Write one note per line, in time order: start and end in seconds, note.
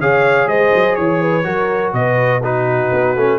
0.00 0.47 C#3
0.00 1.44 G#4
0.00 0.49 C#5
0.00 0.48 F5
0.47 0.71 G#3
0.47 0.97 C5
0.47 0.95 D#5
0.74 0.98 F#3
0.95 1.46 E3
0.95 1.93 C#5
0.95 1.21 C#5
1.21 1.45 B4
1.44 1.93 F#3
1.44 2.41 F#4
1.44 1.94 A#4
1.93 2.91 B2
1.93 2.42 B4
1.93 2.42 D#5
2.42 3.16 D#4
2.42 3.39 F#4
2.42 3.39 B4
2.92 3.16 B3
3.16 3.39 A3
3.16 3.39 C#4